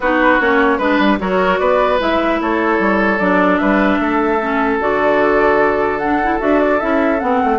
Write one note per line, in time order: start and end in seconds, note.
0.00 0.39 B3
0.00 0.40 D#4
0.00 0.78 F#4
0.00 0.40 B4
0.39 0.78 A#3
0.39 0.80 C#4
0.39 0.78 C#5
0.78 0.98 G#3
0.78 1.19 D4
0.78 1.18 B4
0.99 1.19 G3
1.19 1.59 F#3
1.19 1.99 F#4
1.19 1.60 A#4
1.19 1.58 C#5
1.58 2.00 B3
1.58 2.40 B4
1.58 1.98 D5
1.99 2.40 G#3
1.99 3.19 E4
1.99 2.41 E5
2.40 2.79 A3
2.40 3.60 A4
2.40 3.19 C#5
2.79 3.19 G3
3.19 3.59 F#3
3.19 4.39 D4
3.19 3.58 D5
3.58 3.99 G3
3.58 4.00 B4
3.58 4.78 E5
3.99 4.79 A3
3.99 7.59 A4
4.41 4.80 C#4
4.80 6.41 D3
4.80 6.00 F#4
4.80 5.98 D5
5.98 6.22 D4
5.98 6.38 F#5
6.22 6.39 E4
6.39 6.81 D4
6.39 6.79 F#4
6.39 6.59 E5
6.59 6.79 D5
6.79 7.22 C#4
6.79 7.19 E4
6.79 7.19 E5
7.19 7.42 B3
7.19 7.59 C4
7.19 7.59 F#5
7.43 7.59 A3